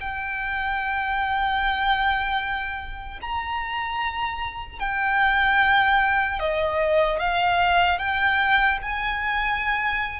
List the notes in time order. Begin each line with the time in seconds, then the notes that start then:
0.00 G5
3.21 A#5
4.79 G5
6.39 D#5
7.19 F5
7.98 G5
8.82 G#5